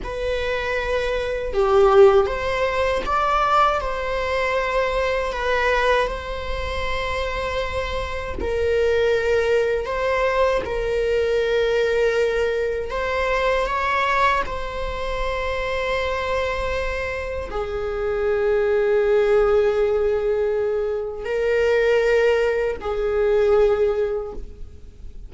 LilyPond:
\new Staff \with { instrumentName = "viola" } { \time 4/4 \tempo 4 = 79 b'2 g'4 c''4 | d''4 c''2 b'4 | c''2. ais'4~ | ais'4 c''4 ais'2~ |
ais'4 c''4 cis''4 c''4~ | c''2. gis'4~ | gis'1 | ais'2 gis'2 | }